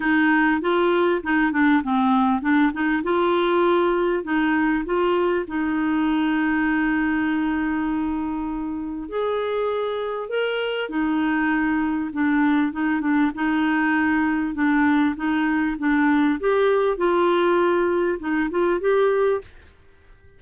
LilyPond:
\new Staff \with { instrumentName = "clarinet" } { \time 4/4 \tempo 4 = 99 dis'4 f'4 dis'8 d'8 c'4 | d'8 dis'8 f'2 dis'4 | f'4 dis'2.~ | dis'2. gis'4~ |
gis'4 ais'4 dis'2 | d'4 dis'8 d'8 dis'2 | d'4 dis'4 d'4 g'4 | f'2 dis'8 f'8 g'4 | }